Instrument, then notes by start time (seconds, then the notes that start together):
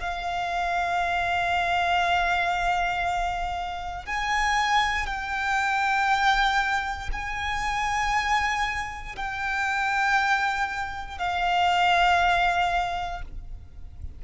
violin
0.00 F5
4.06 G#5
5.06 G5
7.12 G#5
9.16 G5
11.18 F5